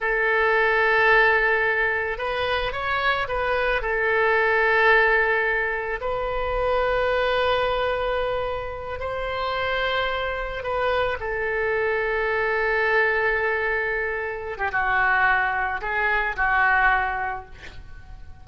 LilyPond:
\new Staff \with { instrumentName = "oboe" } { \time 4/4 \tempo 4 = 110 a'1 | b'4 cis''4 b'4 a'4~ | a'2. b'4~ | b'1~ |
b'8 c''2. b'8~ | b'8 a'2.~ a'8~ | a'2~ a'8. g'16 fis'4~ | fis'4 gis'4 fis'2 | }